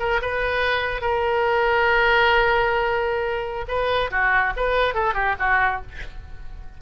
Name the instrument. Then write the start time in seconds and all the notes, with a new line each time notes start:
oboe
0.00 A#4
0.22 B4
1.01 A#4
3.68 B4
4.11 F#4
4.57 B4
4.95 A4
5.14 G4
5.40 F#4